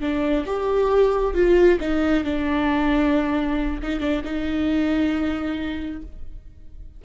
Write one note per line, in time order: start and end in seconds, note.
0.00 0.44 D4
0.46 1.34 G4
1.34 1.78 F4
1.80 2.24 D#4
2.24 3.79 D4
3.82 4.00 D#4
4.00 4.22 D4
4.24 6.02 D#4